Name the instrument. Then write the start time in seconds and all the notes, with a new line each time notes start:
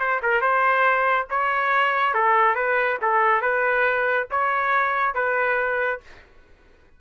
trumpet
0.00 C5
0.23 A#4
0.42 C5
1.31 C#5
2.14 A4
2.56 B4
3.02 A4
3.42 B4
4.31 C#5
5.15 B4